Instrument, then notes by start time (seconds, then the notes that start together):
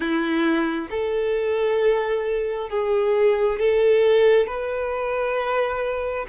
violin
0.00 E4
0.90 A4
2.69 G#4
3.59 A4
4.47 B4